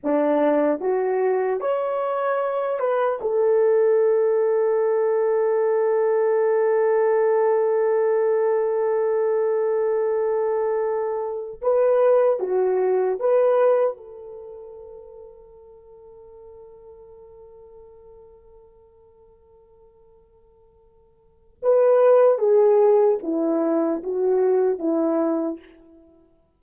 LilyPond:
\new Staff \with { instrumentName = "horn" } { \time 4/4 \tempo 4 = 75 d'4 fis'4 cis''4. b'8 | a'1~ | a'1~ | a'2~ a'8 b'4 fis'8~ |
fis'8 b'4 a'2~ a'8~ | a'1~ | a'2. b'4 | gis'4 e'4 fis'4 e'4 | }